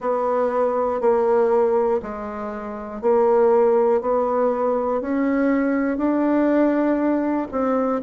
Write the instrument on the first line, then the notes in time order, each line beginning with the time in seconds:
bassoon
0.00 B3
1.00 A#3
2.02 G#3
3.01 A#3
4.01 B3
5.00 C#4
5.97 D4
7.51 C4